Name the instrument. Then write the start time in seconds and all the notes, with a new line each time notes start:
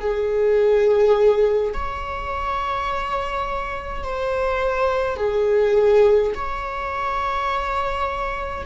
viola
0.00 G#4
1.74 C#5
4.04 C5
5.17 G#4
6.35 C#5